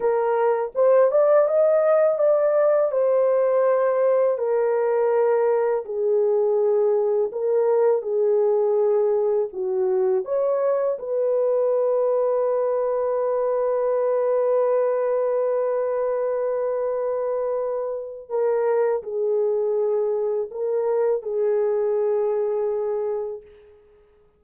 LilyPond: \new Staff \with { instrumentName = "horn" } { \time 4/4 \tempo 4 = 82 ais'4 c''8 d''8 dis''4 d''4 | c''2 ais'2 | gis'2 ais'4 gis'4~ | gis'4 fis'4 cis''4 b'4~ |
b'1~ | b'1~ | b'4 ais'4 gis'2 | ais'4 gis'2. | }